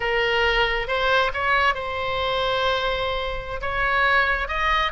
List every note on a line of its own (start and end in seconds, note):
0.00 0.87 A#4
0.87 1.31 C5
1.33 1.74 C#5
1.74 3.60 C5
3.61 4.48 C#5
4.48 4.92 D#5